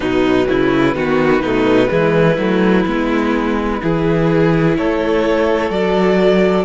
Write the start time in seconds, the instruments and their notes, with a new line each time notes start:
0.00 cello B2, viola F#3, violin D#4 B4
0.48 cello C#3, violin E4
0.94 cello D#3, viola B3, violin F#4
1.41 cello B2, viola A3, violin D#4
1.88 cello E3, viola G#3, violin E4
2.37 cello F#3, viola A3
2.86 cello G#3, viola B3
3.81 cello E3, viola E4, violin G#4
4.76 cello A3, violin A4 C#5
5.70 cello F#3, viola F#4, violin D5